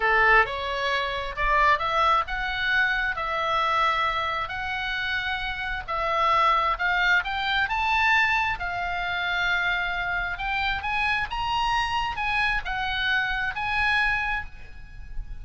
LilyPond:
\new Staff \with { instrumentName = "oboe" } { \time 4/4 \tempo 4 = 133 a'4 cis''2 d''4 | e''4 fis''2 e''4~ | e''2 fis''2~ | fis''4 e''2 f''4 |
g''4 a''2 f''4~ | f''2. g''4 | gis''4 ais''2 gis''4 | fis''2 gis''2 | }